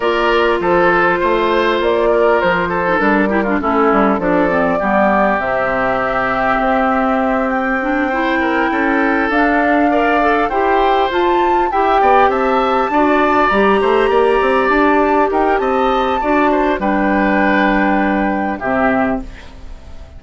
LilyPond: <<
  \new Staff \with { instrumentName = "flute" } { \time 4/4 \tempo 4 = 100 d''4 c''2 d''4 | c''4 ais'4 a'4 d''4~ | d''4 e''2.~ | e''8 g''2. f''8~ |
f''4. g''4 a''4 g''8~ | g''8 a''2 ais''4.~ | ais''8 a''4 g''8 a''2 | g''2. e''4 | }
  \new Staff \with { instrumentName = "oboe" } { \time 4/4 ais'4 a'4 c''4. ais'8~ | ais'8 a'4 g'16 f'16 e'4 a'4 | g'1~ | g'4. c''8 ais'8 a'4.~ |
a'8 d''4 c''2 e''8 | d''8 e''4 d''4. c''8 d''8~ | d''4. ais'8 dis''4 d''8 c''8 | b'2. g'4 | }
  \new Staff \with { instrumentName = "clarinet" } { \time 4/4 f'1~ | f'8. dis'16 d'8 e'16 d'16 cis'4 d'8 c'8 | b4 c'2.~ | c'4 d'8 e'2 d'8~ |
d'8 ais'8 a'8 g'4 f'4 g'8~ | g'4. fis'4 g'4.~ | g'2. fis'4 | d'2. c'4 | }
  \new Staff \with { instrumentName = "bassoon" } { \time 4/4 ais4 f4 a4 ais4 | f4 g4 a8 g8 f4 | g4 c2 c'4~ | c'2~ c'8 cis'4 d'8~ |
d'4. e'4 f'4 e'8 | b8 c'4 d'4 g8 a8 ais8 | c'8 d'4 dis'8 c'4 d'4 | g2. c4 | }
>>